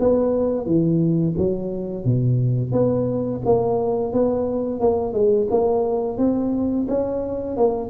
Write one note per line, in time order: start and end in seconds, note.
0.00 0.66 B3
0.66 1.35 E3
1.38 2.05 F#3
2.05 2.72 B2
2.72 3.41 B3
3.45 4.13 A#3
4.13 4.81 B3
4.81 5.13 A#3
5.13 5.48 G#3
5.50 6.18 A#3
6.18 6.87 C4
6.88 7.57 C#4
7.57 7.90 A#3